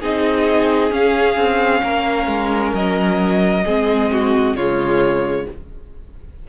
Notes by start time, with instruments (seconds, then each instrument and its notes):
0.00 cello C4, viola D#4, violin G#4 D#5
0.91 viola C#4, cello C#4, violin F5
1.36 cello C4
1.83 cello A#3, violin A#4
2.27 cello G#3
2.73 cello F#3, violin D#5
3.65 cello G#3, viola C4, violin G#4
4.12 violin F#4
4.55 cello C#3, viola G#3, violin F4 C#5